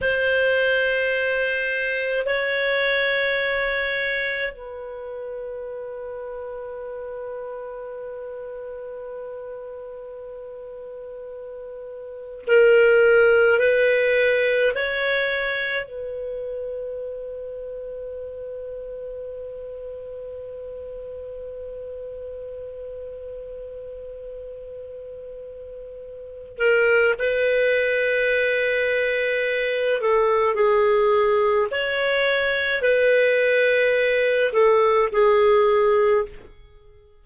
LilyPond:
\new Staff \with { instrumentName = "clarinet" } { \time 4/4 \tempo 4 = 53 c''2 cis''2 | b'1~ | b'2. ais'4 | b'4 cis''4 b'2~ |
b'1~ | b'2.~ b'8 ais'8 | b'2~ b'8 a'8 gis'4 | cis''4 b'4. a'8 gis'4 | }